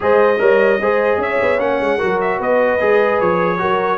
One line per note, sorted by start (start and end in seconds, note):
0.00 0.40 G#3
0.00 0.36 G#4
0.00 0.40 C5
0.00 1.22 D#5
0.39 0.80 G3
0.39 0.79 A#4
0.39 0.80 C#5
0.80 1.17 G#3
0.80 1.58 G#4
0.80 1.21 C5
1.17 1.37 C#4
1.17 1.98 C#5
1.17 1.59 E5
1.41 1.61 B3
1.58 1.80 A#3
1.58 1.98 C#4
1.58 2.19 F#5
1.80 2.00 G#3
1.98 2.39 F#3
1.98 2.78 F#4
1.98 2.36 A#4
2.20 2.40 E5
2.36 2.79 B3
2.36 3.56 B4
2.36 3.20 D#5
2.80 3.20 G#3
2.80 3.58 G#4
3.20 3.60 F3
3.20 3.97 C#5
3.58 3.97 F#3
3.58 3.97 F#4
3.58 3.97 A#4